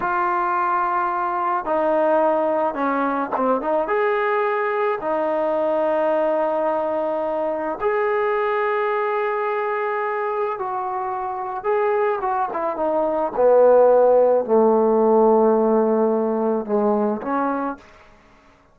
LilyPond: \new Staff \with { instrumentName = "trombone" } { \time 4/4 \tempo 4 = 108 f'2. dis'4~ | dis'4 cis'4 c'8 dis'8 gis'4~ | gis'4 dis'2.~ | dis'2 gis'2~ |
gis'2. fis'4~ | fis'4 gis'4 fis'8 e'8 dis'4 | b2 a2~ | a2 gis4 cis'4 | }